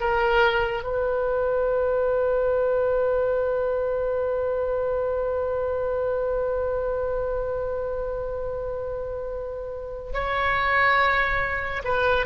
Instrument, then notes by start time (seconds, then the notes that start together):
oboe
0.00 A#4
0.83 B4
10.13 C#5
11.84 B4